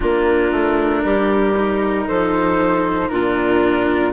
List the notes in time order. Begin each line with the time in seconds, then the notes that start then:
0.00 A#3 D4 F4 A#4
0.51 A3
1.04 G3 G4
1.56 D#4
2.06 F3 A4 C5
3.08 A#2 D4 F4 A#4